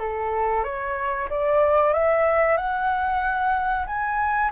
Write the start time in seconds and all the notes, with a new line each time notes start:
0.00 A4
0.65 C#5
1.30 D5
1.94 E5
2.57 F#5
3.87 G#5